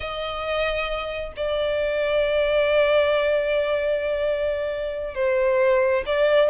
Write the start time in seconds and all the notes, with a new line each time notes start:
0.00 D#5
1.36 D5
5.14 C5
6.05 D5